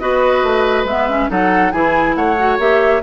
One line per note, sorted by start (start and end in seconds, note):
0.00 0.43 B3
0.00 0.87 F#4
0.00 1.30 B4
0.00 0.86 D#5
0.43 0.84 A3
0.84 1.28 G#3
0.84 1.09 B3
0.84 1.30 E5
1.09 1.29 C#4
1.29 1.73 F#3
1.29 1.73 D#4
1.29 1.73 A4
1.29 1.72 F#5
1.72 2.16 E3
1.72 2.37 E4
1.72 2.16 G#4
1.72 2.15 G#5
2.15 2.59 A3
2.15 3.03 C#5
2.15 2.58 F#5
2.38 2.59 F#4
2.59 3.02 A#3
2.59 3.02 G4
2.59 3.03 E5